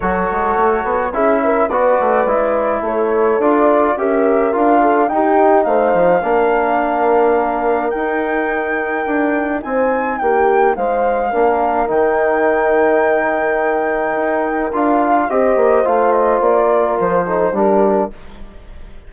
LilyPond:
<<
  \new Staff \with { instrumentName = "flute" } { \time 4/4 \tempo 4 = 106 cis''2 e''4 d''4~ | d''4 cis''4 d''4 e''4 | f''4 g''4 f''2~ | f''2 g''2~ |
g''4 gis''4 g''4 f''4~ | f''4 g''2.~ | g''2 f''4 dis''4 | f''8 dis''8 d''4 c''4 ais'4 | }
  \new Staff \with { instrumentName = "horn" } { \time 4/4 a'2 gis'8 ais'8 b'4~ | b'4 a'2 ais'4~ | ais'8 a'8 g'4 c''4 ais'4~ | ais'1~ |
ais'4 c''4 g'4 c''4 | ais'1~ | ais'2. c''4~ | c''4. ais'4 a'8 g'4 | }
  \new Staff \with { instrumentName = "trombone" } { \time 4/4 fis'2 e'4 fis'4 | e'2 f'4 g'4 | f'4 dis'2 d'4~ | d'2 dis'2~ |
dis'1 | d'4 dis'2.~ | dis'2 f'4 g'4 | f'2~ f'8 dis'8 d'4 | }
  \new Staff \with { instrumentName = "bassoon" } { \time 4/4 fis8 gis8 a8 b8 cis'4 b8 a8 | gis4 a4 d'4 cis'4 | d'4 dis'4 a8 f8 ais4~ | ais2 dis'2 |
d'4 c'4 ais4 gis4 | ais4 dis2.~ | dis4 dis'4 d'4 c'8 ais8 | a4 ais4 f4 g4 | }
>>